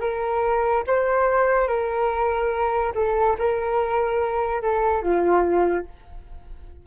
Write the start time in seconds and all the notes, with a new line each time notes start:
0.00 A#4
0.87 C5
1.68 A#4
2.95 A4
3.39 A#4
4.62 A4
5.02 F4